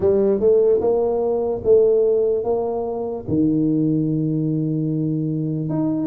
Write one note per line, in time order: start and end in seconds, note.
0.00 0.39 G3
0.39 0.80 A3
0.80 1.61 A#3
1.64 2.44 A3
2.44 3.25 A#3
3.28 5.69 D#3
5.69 6.07 D#4